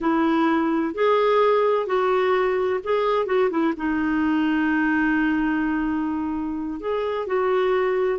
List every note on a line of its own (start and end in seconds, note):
0.01 0.94 E4
0.94 1.86 G#4
1.86 2.80 F#4
2.83 3.26 G#4
3.26 3.49 F#4
3.50 3.73 E4
3.76 6.79 D#4
6.79 7.26 G#4
7.26 8.19 F#4